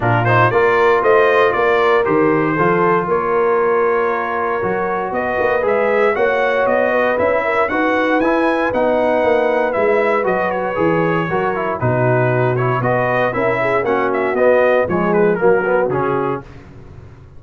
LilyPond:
<<
  \new Staff \with { instrumentName = "trumpet" } { \time 4/4 \tempo 4 = 117 ais'8 c''8 d''4 dis''4 d''4 | c''2 cis''2~ | cis''2 dis''4 e''4 | fis''4 dis''4 e''4 fis''4 |
gis''4 fis''2 e''4 | dis''8 cis''2~ cis''8 b'4~ | b'8 cis''8 dis''4 e''4 fis''8 e''8 | dis''4 cis''8 b'8 ais'4 gis'4 | }
  \new Staff \with { instrumentName = "horn" } { \time 4/4 f'4 ais'4 c''4 ais'4~ | ais'4 a'4 ais'2~ | ais'2 b'2 | cis''4. b'4 ais'8 b'4~ |
b'1~ | b'2 ais'4 fis'4~ | fis'4 b'4 ais'8 gis'8 fis'4~ | fis'4 gis'4 fis'2 | }
  \new Staff \with { instrumentName = "trombone" } { \time 4/4 d'8 dis'8 f'2. | g'4 f'2.~ | f'4 fis'2 gis'4 | fis'2 e'4 fis'4 |
e'4 dis'2 e'4 | fis'4 gis'4 fis'8 e'8 dis'4~ | dis'8 e'8 fis'4 e'4 cis'4 | b4 gis4 ais8 b8 cis'4 | }
  \new Staff \with { instrumentName = "tuba" } { \time 4/4 ais,4 ais4 a4 ais4 | dis4 f4 ais2~ | ais4 fis4 b8 ais8 gis4 | ais4 b4 cis'4 dis'4 |
e'4 b4 ais4 gis4 | fis4 e4 fis4 b,4~ | b,4 b4 cis'4 ais4 | b4 f4 fis4 cis4 | }
>>